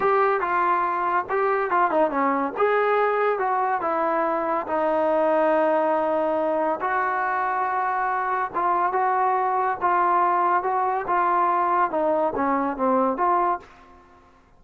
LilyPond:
\new Staff \with { instrumentName = "trombone" } { \time 4/4 \tempo 4 = 141 g'4 f'2 g'4 | f'8 dis'8 cis'4 gis'2 | fis'4 e'2 dis'4~ | dis'1 |
fis'1 | f'4 fis'2 f'4~ | f'4 fis'4 f'2 | dis'4 cis'4 c'4 f'4 | }